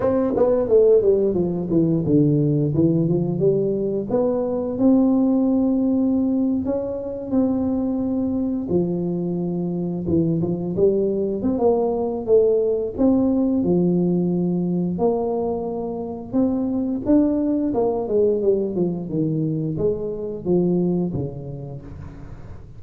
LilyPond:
\new Staff \with { instrumentName = "tuba" } { \time 4/4 \tempo 4 = 88 c'8 b8 a8 g8 f8 e8 d4 | e8 f8 g4 b4 c'4~ | c'4.~ c'16 cis'4 c'4~ c'16~ | c'8. f2 e8 f8 g16~ |
g8. c'16 ais4 a4 c'4 | f2 ais2 | c'4 d'4 ais8 gis8 g8 f8 | dis4 gis4 f4 cis4 | }